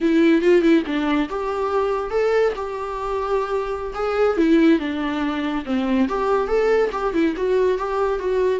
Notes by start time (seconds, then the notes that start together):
0.00 E4
0.41 F4
0.61 E4
0.86 D4
1.29 G4
2.10 A4
2.55 G4
3.94 G#4
4.37 E4
4.79 D4
5.65 C4
6.08 G4
6.47 A4
6.92 G4
7.13 E4
7.36 F#4
7.78 G4
8.19 F#4